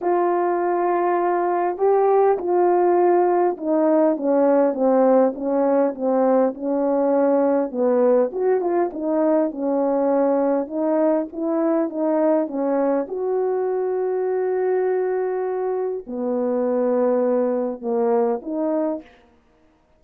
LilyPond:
\new Staff \with { instrumentName = "horn" } { \time 4/4 \tempo 4 = 101 f'2. g'4 | f'2 dis'4 cis'4 | c'4 cis'4 c'4 cis'4~ | cis'4 b4 fis'8 f'8 dis'4 |
cis'2 dis'4 e'4 | dis'4 cis'4 fis'2~ | fis'2. b4~ | b2 ais4 dis'4 | }